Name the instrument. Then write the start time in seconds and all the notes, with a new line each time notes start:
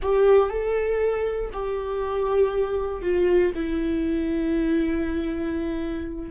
viola
0.02 G4
0.49 A4
1.52 G4
3.01 F4
3.54 E4